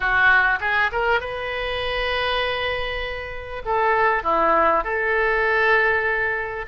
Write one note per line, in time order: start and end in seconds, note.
0.00 0.59 F#4
0.60 0.90 G#4
0.92 1.20 A#4
1.20 3.62 B4
3.65 4.23 A4
4.23 4.83 E4
4.83 6.65 A4